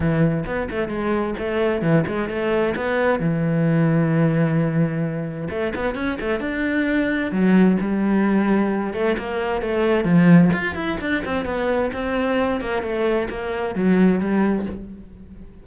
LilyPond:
\new Staff \with { instrumentName = "cello" } { \time 4/4 \tempo 4 = 131 e4 b8 a8 gis4 a4 | e8 gis8 a4 b4 e4~ | e1 | a8 b8 cis'8 a8 d'2 |
fis4 g2~ g8 a8 | ais4 a4 f4 f'8 e'8 | d'8 c'8 b4 c'4. ais8 | a4 ais4 fis4 g4 | }